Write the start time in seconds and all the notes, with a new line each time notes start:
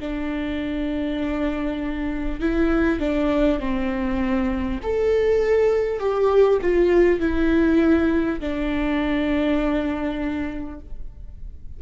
0.00 D4
2.39 E4
2.99 D4
3.59 C4
4.82 A4
5.99 G4
6.61 F4
7.19 E4
8.39 D4